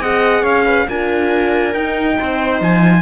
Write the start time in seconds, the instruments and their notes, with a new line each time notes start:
0.00 cello C4, horn G#4, viola D#5, trumpet F#5
0.42 cello C#4, viola C#5, trumpet F5
0.65 viola B4
0.88 cello D4, horn F4, viola A#4, trumpet G#5
1.73 cello D#4, horn D#4, trumpet G5
2.19 cello C4, viola C5
2.60 cello F3, trumpet G#5